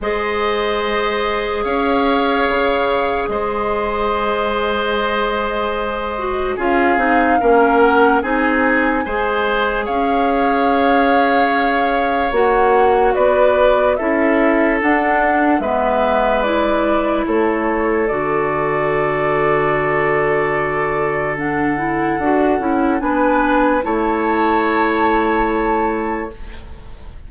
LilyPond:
<<
  \new Staff \with { instrumentName = "flute" } { \time 4/4 \tempo 4 = 73 dis''2 f''2 | dis''1 | f''4. fis''8 gis''2 | f''2. fis''4 |
d''4 e''4 fis''4 e''4 | d''4 cis''4 d''2~ | d''2 fis''2 | gis''4 a''2. | }
  \new Staff \with { instrumentName = "oboe" } { \time 4/4 c''2 cis''2 | c''1 | gis'4 ais'4 gis'4 c''4 | cis''1 |
b'4 a'2 b'4~ | b'4 a'2.~ | a'1 | b'4 cis''2. | }
  \new Staff \with { instrumentName = "clarinet" } { \time 4/4 gis'1~ | gis'2.~ gis'8 fis'8 | f'8 dis'8 cis'4 dis'4 gis'4~ | gis'2. fis'4~ |
fis'4 e'4 d'4 b4 | e'2 fis'2~ | fis'2 d'8 e'8 fis'8 e'8 | d'4 e'2. | }
  \new Staff \with { instrumentName = "bassoon" } { \time 4/4 gis2 cis'4 cis4 | gis1 | cis'8 c'8 ais4 c'4 gis4 | cis'2. ais4 |
b4 cis'4 d'4 gis4~ | gis4 a4 d2~ | d2. d'8 cis'8 | b4 a2. | }
>>